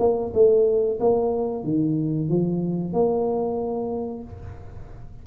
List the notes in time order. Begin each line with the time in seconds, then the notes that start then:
0.00 A#3
0.34 A3
1.00 A#3
1.64 D#3
2.29 F3
2.93 A#3